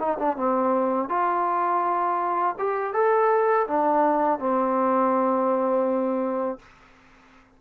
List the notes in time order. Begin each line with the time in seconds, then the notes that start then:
0.00 D#4
0.19 D4
0.37 C4
1.09 F4
2.59 G4
2.94 A4
3.68 D4
4.40 C4